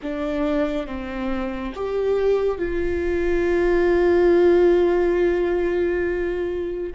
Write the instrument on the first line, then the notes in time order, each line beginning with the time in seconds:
viola
0.02 D4
0.87 C4
1.74 G4
2.58 F4